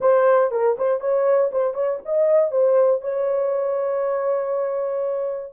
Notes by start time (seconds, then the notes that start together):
0.00 C5
0.51 A#4
0.78 C5
1.00 C#5
1.51 C5
1.74 C#5
2.05 D#5
2.51 C5
3.01 C#5